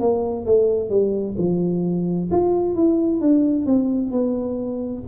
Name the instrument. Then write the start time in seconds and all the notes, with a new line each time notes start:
tuba
0.00 A#3
0.45 A3
0.89 G3
1.38 F3
2.31 F4
2.75 E4
3.21 D4
3.66 C4
4.11 B3